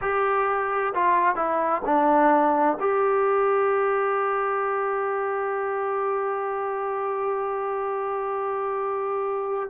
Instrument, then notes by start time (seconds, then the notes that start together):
trombone
0.01 G4
0.94 F4
1.36 E4
1.85 D4
2.79 G4